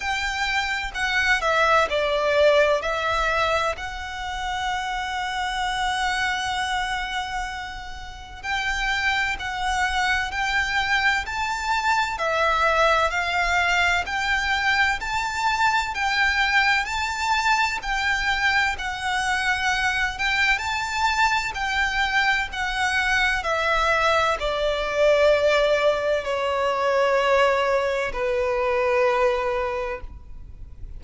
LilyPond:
\new Staff \with { instrumentName = "violin" } { \time 4/4 \tempo 4 = 64 g''4 fis''8 e''8 d''4 e''4 | fis''1~ | fis''4 g''4 fis''4 g''4 | a''4 e''4 f''4 g''4 |
a''4 g''4 a''4 g''4 | fis''4. g''8 a''4 g''4 | fis''4 e''4 d''2 | cis''2 b'2 | }